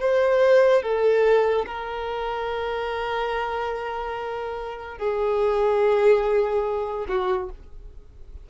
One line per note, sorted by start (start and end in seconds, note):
0.00 0.83 C5
0.83 1.66 A4
1.66 4.98 A#4
4.98 7.06 G#4
7.08 7.50 F#4